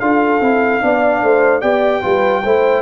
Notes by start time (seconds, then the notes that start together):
0.00 D4 F4 A4 F5
0.41 C4 E4
0.81 B3 D4 D5
1.22 A3 C5
1.61 B3 G4 D5 G5
2.02 G3 F4 B4
2.44 A3 E4 C5